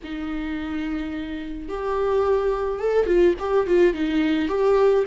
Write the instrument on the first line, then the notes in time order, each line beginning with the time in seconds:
viola
0.03 D#4
1.68 G4
2.79 A4
3.06 F4
3.39 G4
3.67 F4
3.93 D#4
4.48 G4